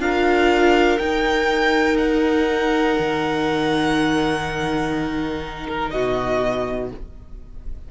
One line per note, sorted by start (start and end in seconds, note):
0.00 0.98 D4
0.00 0.99 F4
0.00 5.92 A#4
0.00 0.99 F5
0.99 2.97 D#4
0.99 6.91 D#4
0.99 1.97 G5
1.98 5.67 F#5
2.99 5.93 D#3
5.68 5.91 A#4
5.91 6.92 B2
5.91 6.91 F#4
5.91 6.89 D#5